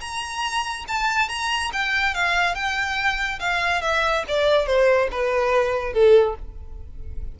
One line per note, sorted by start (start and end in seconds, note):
0.00 0.85 A#5
0.87 1.28 A5
1.28 1.71 A#5
1.72 2.14 G5
2.14 2.54 F5
2.54 3.39 G5
3.39 3.81 F5
3.81 4.24 E5
4.28 4.66 D5
4.66 5.08 C5
5.11 5.93 B4
5.93 6.35 A4